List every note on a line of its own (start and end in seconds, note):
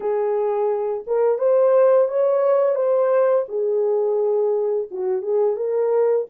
0.00 1.04 G#4
1.07 1.38 A#4
1.38 2.08 C5
2.08 2.75 C#5
2.75 3.44 C5
3.48 4.87 G#4
4.90 5.22 F#4
5.22 5.56 G#4
5.56 6.26 A#4